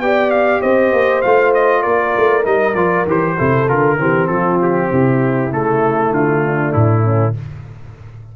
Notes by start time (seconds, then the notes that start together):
0.00 B3 G4 D5 G5
0.31 F5
0.61 C4 C5 D#5
0.93 A#3
1.22 A3 F4 F5
1.54 D#5
1.83 A#3 A#4 D5
2.17 A3
2.43 G3 D#4 D#5
2.75 F3 F4 D5
3.07 E3 G4 C5
3.38 C3 E4 A4
3.68 D3 F4 A#4
3.98 E3 C4 G4
4.27 F3 F4 A4
4.62 G4
4.91 C3 E4
5.51 C#3 A3 A4
6.11 D3 F4
6.46 D4
6.73 A2 E4
7.04 C#4